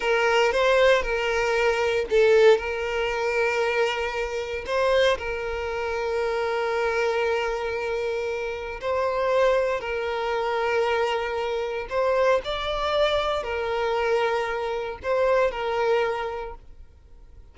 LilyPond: \new Staff \with { instrumentName = "violin" } { \time 4/4 \tempo 4 = 116 ais'4 c''4 ais'2 | a'4 ais'2.~ | ais'4 c''4 ais'2~ | ais'1~ |
ais'4 c''2 ais'4~ | ais'2. c''4 | d''2 ais'2~ | ais'4 c''4 ais'2 | }